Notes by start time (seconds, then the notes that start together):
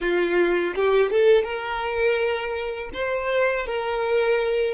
0.00 F4
0.75 G4
1.10 A4
1.43 A#4
2.93 C5
3.66 A#4